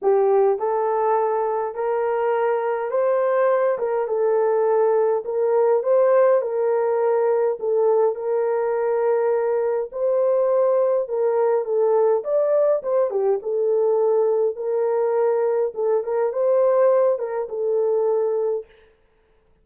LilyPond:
\new Staff \with { instrumentName = "horn" } { \time 4/4 \tempo 4 = 103 g'4 a'2 ais'4~ | ais'4 c''4. ais'8 a'4~ | a'4 ais'4 c''4 ais'4~ | ais'4 a'4 ais'2~ |
ais'4 c''2 ais'4 | a'4 d''4 c''8 g'8 a'4~ | a'4 ais'2 a'8 ais'8 | c''4. ais'8 a'2 | }